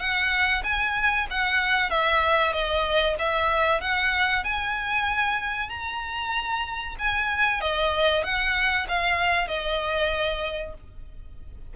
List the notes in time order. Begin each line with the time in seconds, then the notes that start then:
0.00 F#5
0.64 G#5
1.31 F#5
1.90 E5
2.53 D#5
3.19 E5
3.81 F#5
4.44 G#5
5.70 A#5
6.99 G#5
7.61 D#5
8.24 F#5
8.89 F5
9.48 D#5